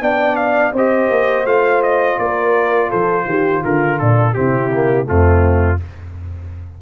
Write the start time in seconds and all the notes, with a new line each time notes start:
0.00 B3 D4 D5 G5
0.36 F5
0.72 C4 G4 C5 D#5
1.09 A#3
1.44 A3 F4 F5
1.82 D#5
2.18 A#3 A#4 D5
2.89 F3 A4 C5
3.25 D#3 G4
3.64 D3 F4 A#4
3.98 A#2 D4 A4
4.34 C3 C4 E4 G4
4.73 A#3
5.05 F2 A3 C4 F4